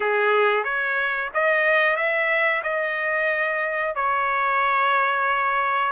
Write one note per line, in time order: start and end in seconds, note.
0.00 0.64 G#4
0.64 1.29 C#5
1.34 1.96 D#5
1.96 2.62 E5
2.63 3.95 D#5
3.95 5.92 C#5